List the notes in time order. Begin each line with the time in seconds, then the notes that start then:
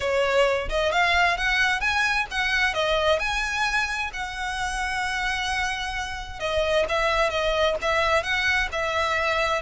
0.00 C#5
0.69 D#5
0.92 F5
1.37 F#5
1.80 G#5
2.30 F#5
2.74 D#5
3.19 G#5
4.13 F#5
6.39 D#5
6.88 E5
7.29 D#5
7.81 E5
8.23 F#5
8.71 E5